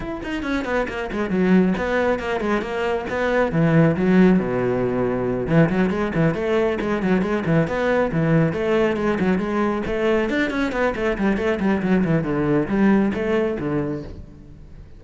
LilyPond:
\new Staff \with { instrumentName = "cello" } { \time 4/4 \tempo 4 = 137 e'8 dis'8 cis'8 b8 ais8 gis8 fis4 | b4 ais8 gis8 ais4 b4 | e4 fis4 b,2~ | b,8 e8 fis8 gis8 e8 a4 gis8 |
fis8 gis8 e8 b4 e4 a8~ | a8 gis8 fis8 gis4 a4 d'8 | cis'8 b8 a8 g8 a8 g8 fis8 e8 | d4 g4 a4 d4 | }